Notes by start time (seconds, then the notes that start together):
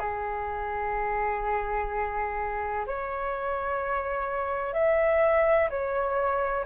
0.00 G#4
2.87 C#5
4.74 E5
5.70 C#5